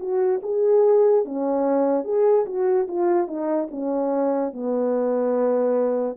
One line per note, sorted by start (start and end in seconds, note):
0.00 0.41 F#4
0.43 1.26 G#4
1.26 2.05 C#4
2.05 2.46 G#4
2.47 2.88 F#4
2.88 3.28 F4
3.28 3.69 D#4
3.71 4.54 C#4
4.54 6.17 B3